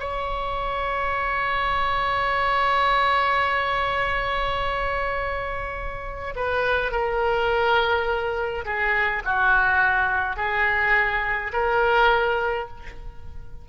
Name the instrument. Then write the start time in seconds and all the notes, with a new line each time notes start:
oboe
0.00 C#5
6.36 B4
6.92 A#4
8.65 G#4
9.25 F#4
10.37 G#4
11.53 A#4